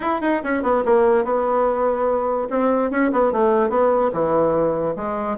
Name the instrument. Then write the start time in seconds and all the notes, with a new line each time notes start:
bassoon
0.00 E4
0.21 D#4
0.43 C#4
0.63 B3
0.85 A#3
1.24 B3
2.50 C4
2.90 C#4
3.12 B3
3.32 A3
3.69 B3
4.12 E3
4.96 G#3